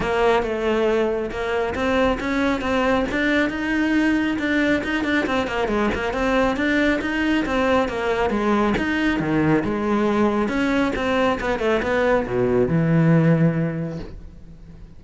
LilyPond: \new Staff \with { instrumentName = "cello" } { \time 4/4 \tempo 4 = 137 ais4 a2 ais4 | c'4 cis'4 c'4 d'4 | dis'2 d'4 dis'8 d'8 | c'8 ais8 gis8 ais8 c'4 d'4 |
dis'4 c'4 ais4 gis4 | dis'4 dis4 gis2 | cis'4 c'4 b8 a8 b4 | b,4 e2. | }